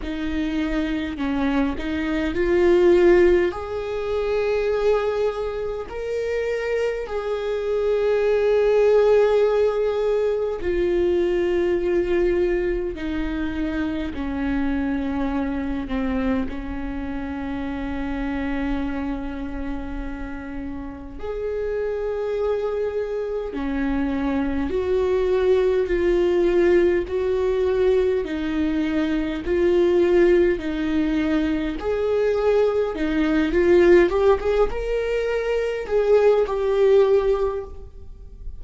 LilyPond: \new Staff \with { instrumentName = "viola" } { \time 4/4 \tempo 4 = 51 dis'4 cis'8 dis'8 f'4 gis'4~ | gis'4 ais'4 gis'2~ | gis'4 f'2 dis'4 | cis'4. c'8 cis'2~ |
cis'2 gis'2 | cis'4 fis'4 f'4 fis'4 | dis'4 f'4 dis'4 gis'4 | dis'8 f'8 g'16 gis'16 ais'4 gis'8 g'4 | }